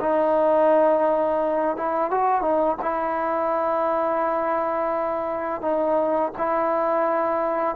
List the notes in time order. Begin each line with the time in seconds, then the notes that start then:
0.00 D#4
1.76 E4
2.10 F#4
2.41 D#4
2.81 E4
5.61 D#4
6.38 E4